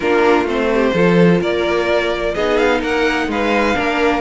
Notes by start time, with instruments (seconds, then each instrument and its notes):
0.00 cello A#3, viola D4, violin F4 A#4
0.44 cello A3, viola C4, violin C5
0.73 violin G4
0.93 cello F3, viola F4, violin A4
1.41 cello A#3, violin A#4 D5
2.34 cello B3, viola D#4, violin G#4 D#5
2.57 violin F5
2.79 cello A#3, violin A#4 F#5
3.27 cello G#3, violin B4 F5
3.75 cello A#3, viola D4, violin A#4